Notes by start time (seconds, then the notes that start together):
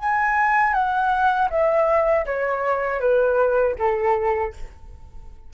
0.00 G#5
0.74 F#5
1.51 E5
2.26 C#5
3.01 B4
3.79 A4